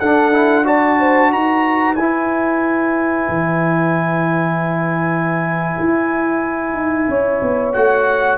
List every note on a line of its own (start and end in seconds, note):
0.00 1.33 D4
0.00 0.33 D4
0.00 0.66 A4
0.00 0.66 F#5
0.33 0.65 E4
0.65 1.97 F#4
0.65 0.99 D5
0.65 1.33 A5
1.00 1.32 C5
1.32 1.96 D#4
1.32 7.09 B4
1.32 1.95 A#5
1.95 3.28 E4
1.95 7.75 E4
1.95 7.72 G#5
3.29 5.76 E3
5.80 6.74 E4
6.74 7.07 D#4
7.09 7.42 C#4
7.09 8.39 C#5
7.42 7.75 B3
7.73 8.39 A3
7.73 8.39 F#4
7.73 8.39 F#5